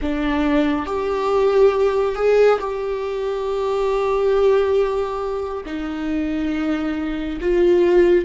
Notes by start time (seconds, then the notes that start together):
0.01 D4
0.85 G4
2.15 G#4
2.59 G4
5.65 D#4
7.40 F4